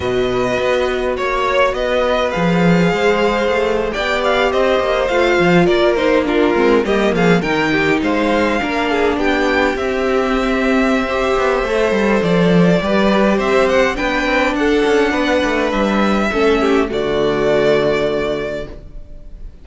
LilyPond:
<<
  \new Staff \with { instrumentName = "violin" } { \time 4/4 \tempo 4 = 103 dis''2 cis''4 dis''4 | f''2~ f''8. g''8 f''8 dis''16~ | dis''8. f''4 d''8 c''8 ais'4 dis''16~ | dis''16 f''8 g''4 f''2 g''16~ |
g''8. e''2.~ e''16~ | e''4 d''2 e''8 fis''8 | g''4 fis''2 e''4~ | e''4 d''2. | }
  \new Staff \with { instrumentName = "violin" } { \time 4/4 b'2 cis''4 b'4~ | b'4 c''4.~ c''16 d''4 c''16~ | c''4.~ c''16 ais'4 f'4 g'16~ | g'16 gis'8 ais'8 g'8 c''4 ais'8 gis'8 g'16~ |
g'2. c''4~ | c''2 b'4 c''4 | b'4 a'4 b'2 | a'8 g'8 fis'2. | }
  \new Staff \with { instrumentName = "viola" } { \time 4/4 fis'1 | gis'2~ gis'8. g'4~ g'16~ | g'8. f'4. dis'8 d'8 c'8 ais16~ | ais8. dis'2 d'4~ d'16~ |
d'8. c'2~ c'16 g'4 | a'2 g'2 | d'1 | cis'4 a2. | }
  \new Staff \with { instrumentName = "cello" } { \time 4/4 b,4 b4 ais4 b4 | f4 gis4 a8. b4 c'16~ | c'16 ais8 a8 f8 ais4. gis8 g16~ | g16 f8 dis4 gis4 ais4 b16~ |
b8. c'2~ c'8. b8 | a8 g8 f4 g4 c'4 | b8 c'8 d'8 cis'8 b8 a8 g4 | a4 d2. | }
>>